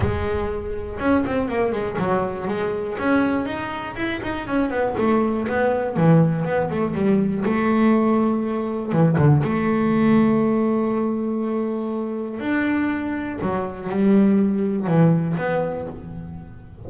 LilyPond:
\new Staff \with { instrumentName = "double bass" } { \time 4/4 \tempo 4 = 121 gis2 cis'8 c'8 ais8 gis8 | fis4 gis4 cis'4 dis'4 | e'8 dis'8 cis'8 b8 a4 b4 | e4 b8 a8 g4 a4~ |
a2 e8 d8 a4~ | a1~ | a4 d'2 fis4 | g2 e4 b4 | }